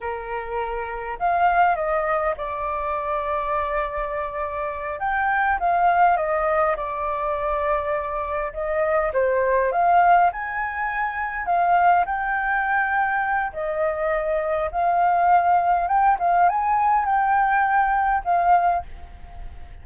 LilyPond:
\new Staff \with { instrumentName = "flute" } { \time 4/4 \tempo 4 = 102 ais'2 f''4 dis''4 | d''1~ | d''8 g''4 f''4 dis''4 d''8~ | d''2~ d''8 dis''4 c''8~ |
c''8 f''4 gis''2 f''8~ | f''8 g''2~ g''8 dis''4~ | dis''4 f''2 g''8 f''8 | gis''4 g''2 f''4 | }